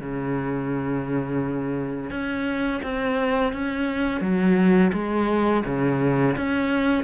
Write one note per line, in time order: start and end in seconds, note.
0.00 2.11 C#3
2.11 2.81 C#4
2.83 3.53 C4
3.53 4.21 C#4
4.21 4.92 F#3
4.93 5.64 G#3
5.65 6.36 C#3
6.37 7.04 C#4